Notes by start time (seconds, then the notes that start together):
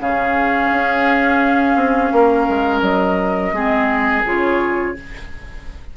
0.00 C#3 C#4 G#4 F5
0.71 C#4
1.76 C4
2.12 A#3 A#4
2.49 G#3
2.82 F#3 D#5
3.52 G#3 C4 G#4
4.25 C#3 F4 C#5